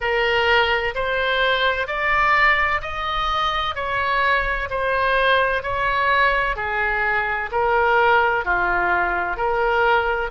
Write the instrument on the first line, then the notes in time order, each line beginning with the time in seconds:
oboe
0.00 A#4
0.94 C5
1.87 D5
2.81 D#5
3.75 C#5
4.70 C5
5.62 C#5
6.56 G#4
7.51 A#4
8.44 F4
9.36 A#4